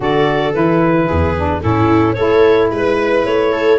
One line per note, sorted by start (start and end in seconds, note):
0.00 0.53 D3
0.00 0.52 F#4
0.00 1.07 A4
0.00 0.53 D5
0.52 1.09 E3
0.52 1.34 E4
0.52 1.61 B4
1.07 1.63 E2
1.07 1.61 G#4
1.37 1.61 D4
1.61 2.17 A2
1.61 2.15 C#4
1.61 2.16 E4
1.61 2.13 A4
2.13 2.70 A3
2.13 3.78 E4
2.13 2.70 A4
2.13 2.67 C#5
2.70 3.25 G#3
2.70 3.52 B4
2.70 3.25 B4
3.25 3.78 A3
3.25 3.78 C#5
3.52 3.78 A4